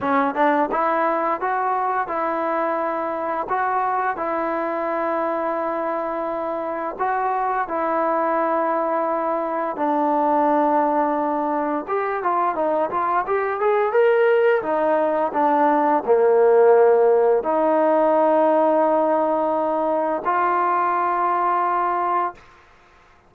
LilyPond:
\new Staff \with { instrumentName = "trombone" } { \time 4/4 \tempo 4 = 86 cis'8 d'8 e'4 fis'4 e'4~ | e'4 fis'4 e'2~ | e'2 fis'4 e'4~ | e'2 d'2~ |
d'4 g'8 f'8 dis'8 f'8 g'8 gis'8 | ais'4 dis'4 d'4 ais4~ | ais4 dis'2.~ | dis'4 f'2. | }